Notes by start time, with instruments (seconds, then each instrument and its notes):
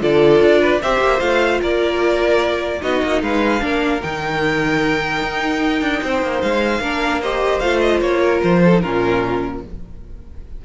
0.00 cello D3, viola F4, violin A4 D5
0.41 cello D4
0.61 violin B4
0.82 cello C4, viola G4, violin C5 E5
1.01 cello A#3
1.20 cello A3, viola F4, violin F5
1.61 cello A#3, violin A#4 D5
2.81 cello B3, viola D#4, violin F#4 D#5
3.03 cello A#3
3.22 cello G#3, violin B4 F5
3.60 cello A#3, viola D4, violin A#4
4.02 cello D#3, viola D#4, violin G5
5.22 cello D#4
5.81 cello D4
6.03 cello C4, violin C5
6.23 cello A#3
6.42 cello G#3, violin F5
6.80 cello A#3, viola D4, violin A#4
7.21 viola G4, violin C5 D#5
7.60 cello A3, viola F4, violin F5
7.81 violin D#5
8.01 cello A#3, violin C#5
8.21 violin A#4
8.43 cello F3, violin C5
8.64 violin A4
8.73 viola D#4
8.81 cello A#2, viola C#4, violin F4 A#4